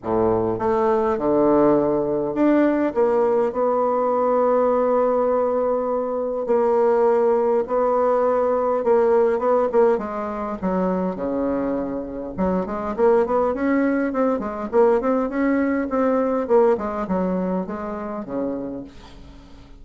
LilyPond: \new Staff \with { instrumentName = "bassoon" } { \time 4/4 \tempo 4 = 102 a,4 a4 d2 | d'4 ais4 b2~ | b2. ais4~ | ais4 b2 ais4 |
b8 ais8 gis4 fis4 cis4~ | cis4 fis8 gis8 ais8 b8 cis'4 | c'8 gis8 ais8 c'8 cis'4 c'4 | ais8 gis8 fis4 gis4 cis4 | }